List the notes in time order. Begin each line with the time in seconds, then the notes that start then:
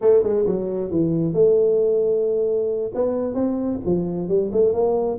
0.01 A3
0.23 G#3
0.46 F#3
0.90 E3
1.33 A3
2.94 B3
3.34 C4
3.85 F3
4.28 G3
4.52 A3
4.73 A#3